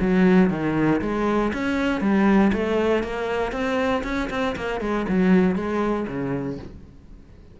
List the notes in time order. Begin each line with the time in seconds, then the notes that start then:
0.00 F#3
0.50 D#3
1.01 G#3
1.53 C#4
2.00 G3
2.52 A3
3.03 A#3
3.52 C4
4.03 C#4
4.30 C4
4.56 A#3
4.80 G#3
5.08 F#3
5.55 G#3
6.07 C#3